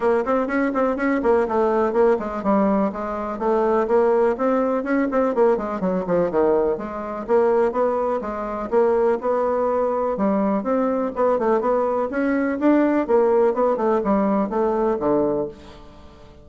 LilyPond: \new Staff \with { instrumentName = "bassoon" } { \time 4/4 \tempo 4 = 124 ais8 c'8 cis'8 c'8 cis'8 ais8 a4 | ais8 gis8 g4 gis4 a4 | ais4 c'4 cis'8 c'8 ais8 gis8 | fis8 f8 dis4 gis4 ais4 |
b4 gis4 ais4 b4~ | b4 g4 c'4 b8 a8 | b4 cis'4 d'4 ais4 | b8 a8 g4 a4 d4 | }